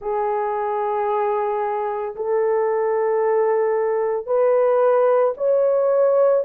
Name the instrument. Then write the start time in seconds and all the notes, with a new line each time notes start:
horn
0.00 G#4
2.15 A4
4.26 B4
5.37 C#5